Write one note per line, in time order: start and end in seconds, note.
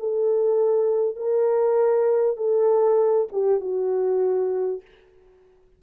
0.00 1.17 A4
1.17 2.37 A#4
2.37 3.28 A4
3.33 3.61 G4
3.61 4.82 F#4